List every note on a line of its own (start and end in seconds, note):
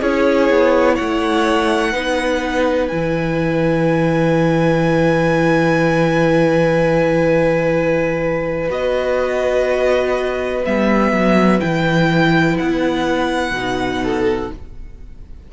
0.00 0.50 C#4
0.00 1.93 E4
0.00 0.94 G#4
0.00 0.95 C#5
0.50 0.98 B3
0.94 1.91 C#5
0.94 2.87 F#5
1.00 1.94 A3
1.92 2.91 B3
1.92 2.90 D#4
1.92 14.01 B4
2.87 8.70 E3
2.87 8.69 E4
2.87 8.68 G#5
8.69 10.64 B3
8.69 10.63 F#4
8.69 10.65 D#5
10.65 11.12 G3
10.65 11.59 B3
10.65 11.60 E5
11.12 11.61 F#3
11.59 12.59 E3
11.59 13.53 E4
11.59 12.57 G5
12.58 13.51 B3
12.58 14.51 F#5
13.51 14.48 B2
13.51 14.53 D#4
14.03 14.52 A4